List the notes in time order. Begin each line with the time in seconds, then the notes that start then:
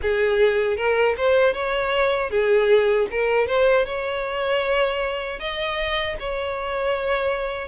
0.02 G#4
0.76 A#4
1.17 C5
1.53 C#5
2.30 G#4
3.10 A#4
3.47 C5
3.85 C#5
5.39 D#5
6.19 C#5